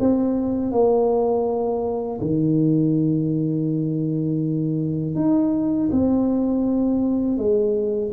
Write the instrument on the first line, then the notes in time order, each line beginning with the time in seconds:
tuba
0.00 C4
0.72 A#3
2.21 D#3
5.16 D#4
5.92 C4
7.38 G#3